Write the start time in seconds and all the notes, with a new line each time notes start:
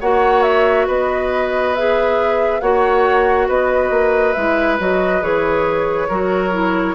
0.00 A#3 F#4 C#5 F#5
0.43 E5
0.87 B3 B4 D#5
1.74 G#4 E5
2.60 A#3 F#4 C#5 F#5
3.47 B3 B4 D#5
3.90 A#3
4.33 G#3 E4 E5
4.79 F#3 F#4 D#5
5.21 E3 G#4 C#5
6.08 F#3 F#4 A#4
6.51 E4